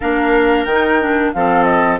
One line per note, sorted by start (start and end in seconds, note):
0.00 0.65 A#3
0.00 0.67 D4
0.00 1.31 A#4
0.00 0.64 F5
0.64 1.32 D#3
0.64 1.31 G5
0.71 1.00 D#4
1.00 1.33 D4
1.33 2.00 F3
1.33 2.00 C4
1.33 2.00 A4
1.33 1.63 F5
1.63 1.97 D#5